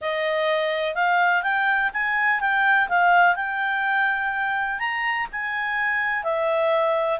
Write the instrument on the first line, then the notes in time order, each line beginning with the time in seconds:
clarinet
0.01 D#5
0.94 F5
1.42 G5
1.93 G#5
2.40 G5
2.88 F5
3.35 G5
4.79 A#5
5.31 G#5
6.23 E5